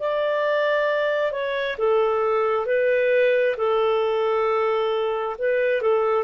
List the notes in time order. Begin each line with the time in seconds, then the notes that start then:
0.00 D5
1.32 C#5
1.79 A4
2.66 B4
3.57 A4
5.39 B4
5.82 A4